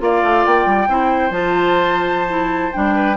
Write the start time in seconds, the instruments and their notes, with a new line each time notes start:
0.00 bassoon A#3, clarinet F4, oboe D5, flute F5
0.24 bassoon A3
0.46 bassoon A#3, flute G5
0.67 bassoon G3
0.89 bassoon C4, clarinet E4, oboe C5
1.31 bassoon F3, clarinet F4, flute A5
2.28 clarinet E4
2.73 bassoon G3, clarinet D4, flute G5
2.95 oboe B4